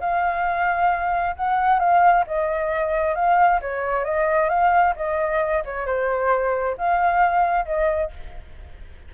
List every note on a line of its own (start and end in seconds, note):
0.00 1.35 F5
1.36 1.79 F#5
1.79 2.24 F5
2.27 3.15 D#5
3.15 3.60 F5
3.61 4.04 C#5
4.04 4.49 D#5
4.49 4.94 F5
4.96 5.64 D#5
5.65 5.86 C#5
5.86 6.76 C5
6.78 7.66 F5
7.66 8.11 D#5